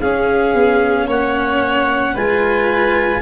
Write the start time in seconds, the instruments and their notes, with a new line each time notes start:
0.00 tuba C#4, cello C#4, violin G#4, clarinet F5
0.53 tuba B3
1.07 tuba A#3, violin C#5, clarinet F#5
2.14 tuba G#3, cello F4, violin B4, clarinet G#5